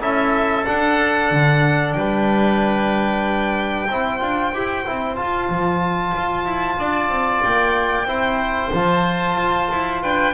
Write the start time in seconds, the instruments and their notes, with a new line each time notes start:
0.00 double bass C#4, trombone E4, oboe A4, violin E5
0.65 trombone D4, double bass D4, violin F#5
1.31 double bass D3
1.93 double bass G3, oboe B4, violin G5
3.89 double bass C4, trombone E4, oboe C5
4.20 double bass D4, trombone F4
4.53 double bass E4, trombone G4
4.86 double bass C4, trombone E4
5.16 trombone F4, double bass F4, violin A5
5.49 double bass F3
6.17 double bass F4
6.45 double bass E4
6.78 double bass D4, oboe D5
7.09 double bass C4
7.43 double bass A#3, violin G5
8.06 double bass C4, trombone E4, oboe C5
8.73 double bass F3, trombone F4, violin A5
9.36 double bass F4
9.72 double bass E4
10.02 double bass D4, oboe B4, violin G5